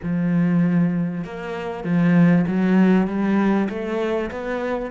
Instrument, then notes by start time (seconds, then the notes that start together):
cello
0.03 F3
1.24 A#3
1.83 F3
2.47 F#3
3.07 G3
3.69 A3
4.31 B3